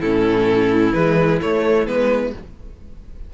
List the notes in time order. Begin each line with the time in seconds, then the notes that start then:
0.00 A2 C#4 E4 A4
0.93 E3 G#3 B4
1.41 A3 C#5
1.87 G#3 B3 B4